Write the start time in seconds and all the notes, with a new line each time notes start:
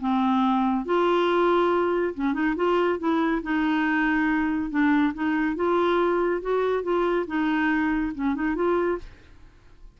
0.00 C4
0.85 F4
2.14 C#4
2.33 D#4
2.56 F4
2.99 E4
3.43 D#4
4.70 D4
5.14 D#4
5.56 F4
6.41 F#4
6.83 F4
7.27 D#4
8.14 C#4
8.35 D#4
8.55 F4